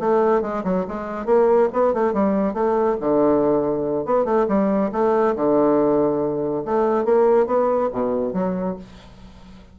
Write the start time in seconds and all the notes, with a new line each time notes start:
0.00 A3
0.42 G#3
0.64 F#3
0.88 G#3
1.26 A#3
1.73 B3
1.94 A3
2.14 G3
2.54 A3
3.01 D3
4.06 B3
4.25 A3
4.48 G3
4.92 A3
5.36 D3
6.66 A3
7.05 A#3
7.47 B3
7.93 B2
8.34 F#3